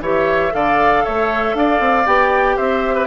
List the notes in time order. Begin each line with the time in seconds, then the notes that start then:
0.00 E3 G4 C#5 E5
0.51 D3 A4 D5 F5
1.04 A3 C#5 E5
1.54 D4 D5 F5
1.80 C4
2.06 B3 G4 G5
2.56 C4 C5 E5
2.95 B4